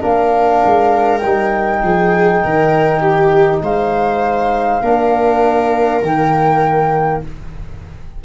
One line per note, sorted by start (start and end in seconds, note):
0.00 0.63 A#3
0.00 1.20 D4
0.00 1.81 A#4
0.00 1.18 F5
0.65 1.23 G#3
1.18 1.83 G3
1.18 3.58 G5
1.25 4.82 D#4
1.83 2.43 F3
1.83 2.43 G#4
2.43 3.62 D#3
2.43 3.01 A#4
3.01 3.61 G4
3.62 4.82 G#3
3.62 4.82 C5
3.62 6.02 F5
4.82 6.01 A#3
4.82 6.02 D4
4.82 7.22 A#4
6.01 7.21 D#3
6.01 7.24 A#3
6.01 7.22 G5